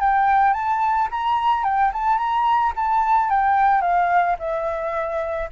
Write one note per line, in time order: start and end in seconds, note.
0.00 0.54 G5
0.54 1.09 A5
1.11 1.64 A#5
1.64 1.92 G5
1.93 2.18 A5
2.18 2.73 A#5
2.76 3.30 A5
3.30 3.82 G5
3.82 4.37 F5
4.39 5.49 E5